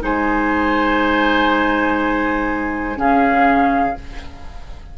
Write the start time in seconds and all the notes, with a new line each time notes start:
0.00 G#3 D#4 C5 G#5
2.96 C#3 C#4 G#4 F5